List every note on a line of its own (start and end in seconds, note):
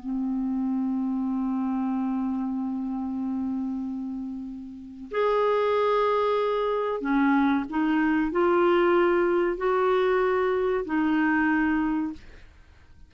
0.00 5.11 C4
5.11 7.01 G#4
7.01 7.65 C#4
7.69 8.32 D#4
8.32 9.57 F4
9.57 10.85 F#4
10.85 12.13 D#4